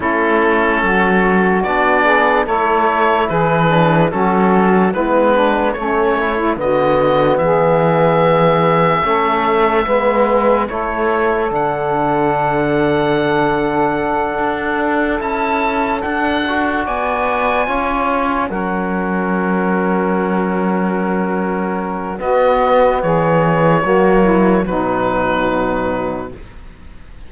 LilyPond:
<<
  \new Staff \with { instrumentName = "oboe" } { \time 4/4 \tempo 4 = 73 a'2 d''4 cis''4 | b'4 a'4 b'4 cis''4 | dis''4 e''2.~ | e''4 cis''4 fis''2~ |
fis''2~ fis''8 a''4 fis''8~ | fis''8 gis''2 fis''4.~ | fis''2. dis''4 | cis''2 b'2 | }
  \new Staff \with { instrumentName = "saxophone" } { \time 4/4 e'4 fis'4. gis'8 a'4 | gis'4 fis'4 e'8 d'8 cis'8. e'16 | fis'4 gis'2 a'4 | b'4 a'2.~ |
a'1~ | a'8 d''4 cis''4 ais'4.~ | ais'2. fis'4 | gis'4 fis'8 e'8 dis'2 | }
  \new Staff \with { instrumentName = "trombone" } { \time 4/4 cis'2 d'4 e'4~ | e'8 d'8 cis'4 b4 a8 e'8 | b2. cis'4 | b4 e'4 d'2~ |
d'2~ d'8 e'4 d'8 | fis'4. f'4 cis'4.~ | cis'2. b4~ | b4 ais4 fis2 | }
  \new Staff \with { instrumentName = "cello" } { \time 4/4 a4 fis4 b4 a4 | e4 fis4 gis4 a4 | d4 e2 a4 | gis4 a4 d2~ |
d4. d'4 cis'4 d'8~ | d'8 b4 cis'4 fis4.~ | fis2. b4 | e4 fis4 b,2 | }
>>